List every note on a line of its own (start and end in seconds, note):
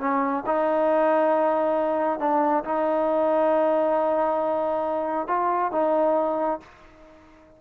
0.00 0.44 C#4
0.47 2.20 D#4
2.20 2.64 D4
2.65 5.28 D#4
5.28 5.72 F4
5.72 6.61 D#4